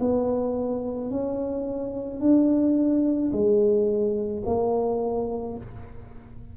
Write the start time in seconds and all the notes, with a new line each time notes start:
0.00 B3
1.10 C#4
2.20 D4
3.32 G#3
4.45 A#3